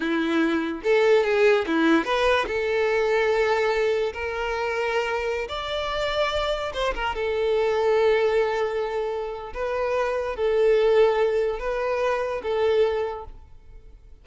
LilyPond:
\new Staff \with { instrumentName = "violin" } { \time 4/4 \tempo 4 = 145 e'2 a'4 gis'4 | e'4 b'4 a'2~ | a'2 ais'2~ | ais'4~ ais'16 d''2~ d''8.~ |
d''16 c''8 ais'8 a'2~ a'8.~ | a'2. b'4~ | b'4 a'2. | b'2 a'2 | }